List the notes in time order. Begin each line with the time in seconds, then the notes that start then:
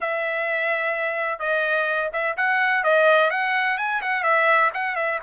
0.01 E5
1.39 D#5
2.13 E5
2.36 F#5
2.83 D#5
3.30 F#5
3.77 G#5
4.01 F#5
4.23 E5
4.74 F#5
4.95 E5